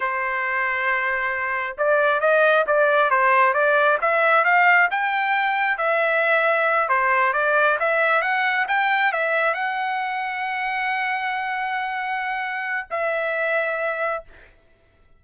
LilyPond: \new Staff \with { instrumentName = "trumpet" } { \time 4/4 \tempo 4 = 135 c''1 | d''4 dis''4 d''4 c''4 | d''4 e''4 f''4 g''4~ | g''4 e''2~ e''8 c''8~ |
c''8 d''4 e''4 fis''4 g''8~ | g''8 e''4 fis''2~ fis''8~ | fis''1~ | fis''4 e''2. | }